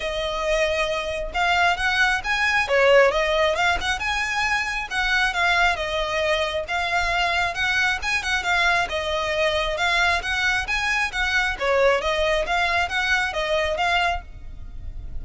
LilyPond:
\new Staff \with { instrumentName = "violin" } { \time 4/4 \tempo 4 = 135 dis''2. f''4 | fis''4 gis''4 cis''4 dis''4 | f''8 fis''8 gis''2 fis''4 | f''4 dis''2 f''4~ |
f''4 fis''4 gis''8 fis''8 f''4 | dis''2 f''4 fis''4 | gis''4 fis''4 cis''4 dis''4 | f''4 fis''4 dis''4 f''4 | }